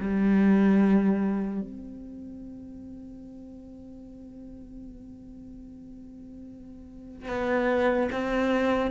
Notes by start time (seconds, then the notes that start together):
0.00 G3
1.61 C4
7.29 B3
8.12 C4